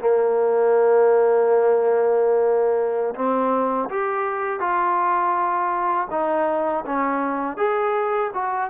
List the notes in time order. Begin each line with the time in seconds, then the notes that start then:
0.00 A#3
3.15 C4
3.90 G4
4.60 F4
6.10 D#4
6.86 C#4
7.57 G#4
8.34 F#4